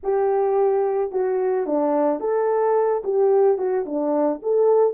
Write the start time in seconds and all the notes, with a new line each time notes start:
0.03 G4
1.11 F#4
1.66 D4
2.20 A4
3.04 G4
3.58 F#4
3.85 D4
4.42 A4